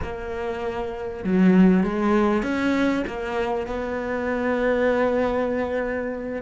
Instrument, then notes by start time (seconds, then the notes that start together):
cello
0.02 A#3
1.24 F#3
1.83 G#3
2.42 C#4
3.07 A#3
3.66 B3